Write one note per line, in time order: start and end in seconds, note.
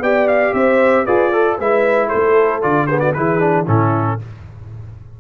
0.00 0.52 B3
0.00 1.07 G4
0.00 0.54 D5
0.00 0.28 G5
0.28 0.54 F5
0.53 1.05 C4
0.53 1.06 C5
0.53 1.06 E5
1.06 1.59 F4
1.06 1.33 G#4
1.06 1.31 B4
1.06 1.58 D5
1.31 1.57 A4
1.31 1.59 A4
1.58 2.11 G#3
1.58 2.62 E4
1.58 2.08 B4
1.58 2.09 E5
2.08 2.86 A4
2.08 2.61 C5
2.15 2.64 A3
2.62 3.16 D3
2.62 2.88 F4
2.62 2.87 D5
2.87 3.15 B3
2.87 3.00 G#4
2.87 2.99 C5
2.99 3.13 F#4
2.99 3.12 D5
3.13 3.68 E3
3.13 3.39 E4
3.13 3.67 G#4
3.13 3.66 B4
3.39 3.65 D4
3.67 4.20 A2
3.67 4.19 C#4
3.67 4.19 E4
3.67 4.20 A4